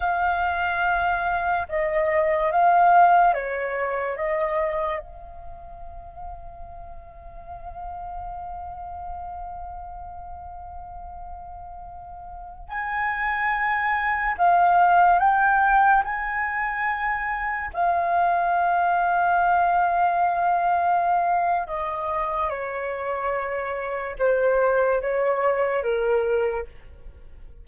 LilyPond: \new Staff \with { instrumentName = "flute" } { \time 4/4 \tempo 4 = 72 f''2 dis''4 f''4 | cis''4 dis''4 f''2~ | f''1~ | f''2.~ f''16 gis''8.~ |
gis''4~ gis''16 f''4 g''4 gis''8.~ | gis''4~ gis''16 f''2~ f''8.~ | f''2 dis''4 cis''4~ | cis''4 c''4 cis''4 ais'4 | }